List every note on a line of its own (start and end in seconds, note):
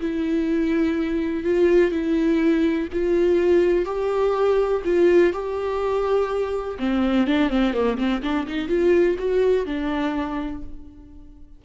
0.00 1.44 E4
1.44 1.91 F4
1.91 2.88 E4
2.92 3.85 F4
3.85 4.82 G4
4.85 5.33 F4
5.33 6.78 G4
6.79 7.27 C4
7.27 7.49 D4
7.49 7.73 C4
7.73 7.97 A#3
7.98 8.22 C4
8.22 8.46 D4
8.47 8.68 D#4
8.68 9.16 F4
9.18 9.66 F#4
9.66 10.62 D4